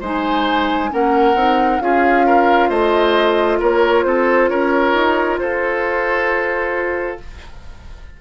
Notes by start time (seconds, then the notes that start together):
0.00 G#3 D#4 C5 G#5
0.90 A#3 C#4 A#4 F#5
1.35 C4 D#4
1.80 C#4 F4 G#4 F5
2.26 A#4
2.69 A3 C5 D#5
3.60 A#3 A#4 C#5
4.04 C4 A4 C5
4.48 C#4 A#4 C#5
4.93 D#4
5.38 F4 A4 C5